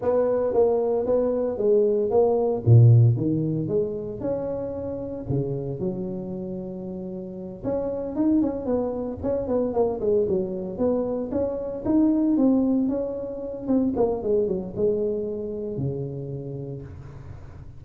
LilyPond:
\new Staff \with { instrumentName = "tuba" } { \time 4/4 \tempo 4 = 114 b4 ais4 b4 gis4 | ais4 ais,4 dis4 gis4 | cis'2 cis4 fis4~ | fis2~ fis8 cis'4 dis'8 |
cis'8 b4 cis'8 b8 ais8 gis8 fis8~ | fis8 b4 cis'4 dis'4 c'8~ | c'8 cis'4. c'8 ais8 gis8 fis8 | gis2 cis2 | }